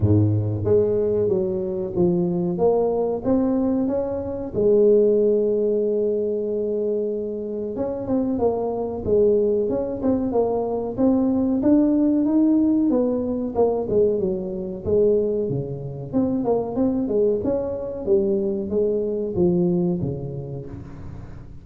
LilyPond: \new Staff \with { instrumentName = "tuba" } { \time 4/4 \tempo 4 = 93 gis,4 gis4 fis4 f4 | ais4 c'4 cis'4 gis4~ | gis1 | cis'8 c'8 ais4 gis4 cis'8 c'8 |
ais4 c'4 d'4 dis'4 | b4 ais8 gis8 fis4 gis4 | cis4 c'8 ais8 c'8 gis8 cis'4 | g4 gis4 f4 cis4 | }